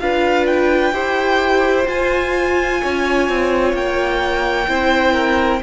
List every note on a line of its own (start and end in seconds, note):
0.00 0.93 D4
0.00 0.93 F4
0.00 0.94 B4
0.00 0.47 F5
0.47 1.88 G5
0.93 1.87 E4
0.93 1.85 G4
0.93 2.81 C5
1.85 4.66 F4
1.85 2.82 F4
1.85 3.75 G#5
2.82 3.29 C#4
2.82 4.69 C#5
3.29 3.73 C4
3.73 4.67 A#3
3.73 5.63 G5
4.67 5.61 C4
4.67 5.61 E4
4.67 5.13 C5
5.13 5.60 A#4